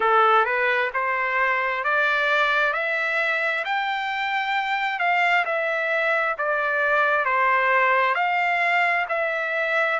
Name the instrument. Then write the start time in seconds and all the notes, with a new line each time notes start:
trumpet
0.00 A4
0.45 B4
0.93 C5
1.83 D5
2.73 E5
3.64 G5
4.99 F5
5.45 E5
6.38 D5
7.25 C5
8.14 F5
9.09 E5